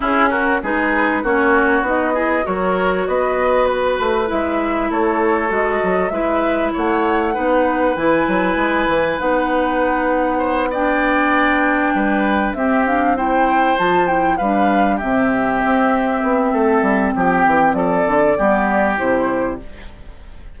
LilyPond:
<<
  \new Staff \with { instrumentName = "flute" } { \time 4/4 \tempo 4 = 98 gis'8 ais'8 b'4 cis''4 dis''4 | cis''4 dis''4 b'4 e''4 | cis''4 dis''4 e''4 fis''4~ | fis''4 gis''2 fis''4~ |
fis''4. g''2~ g''8~ | g''8 e''8 f''8 g''4 a''8 g''8 f''8~ | f''8 e''2.~ e''8 | g''4 d''2 c''4 | }
  \new Staff \with { instrumentName = "oboe" } { \time 4/4 e'8 fis'8 gis'4 fis'4. gis'8 | ais'4 b'2. | a'2 b'4 cis''4 | b'1~ |
b'4 c''8 d''2 b'8~ | b'8 g'4 c''2 b'8~ | b'8 g'2~ g'8 a'4 | g'4 a'4 g'2 | }
  \new Staff \with { instrumentName = "clarinet" } { \time 4/4 cis'4 dis'4 cis'4 dis'8 e'8 | fis'2. e'4~ | e'4 fis'4 e'2 | dis'4 e'2 dis'4~ |
dis'4. d'2~ d'8~ | d'8 c'8 d'8 e'4 f'8 e'8 d'8~ | d'8 c'2.~ c'8~ | c'2 b4 e'4 | }
  \new Staff \with { instrumentName = "bassoon" } { \time 4/4 cis'4 gis4 ais4 b4 | fis4 b4. a8 gis4 | a4 gis8 fis8 gis4 a4 | b4 e8 fis8 gis8 e8 b4~ |
b2.~ b8 g8~ | g8 c'2 f4 g8~ | g8 c4 c'4 b8 a8 g8 | f8 e8 f8 d8 g4 c4 | }
>>